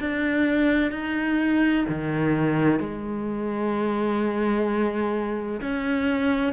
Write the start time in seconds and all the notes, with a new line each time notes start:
0.00 D4
0.91 D#4
1.88 D#3
2.80 G#3
5.61 C#4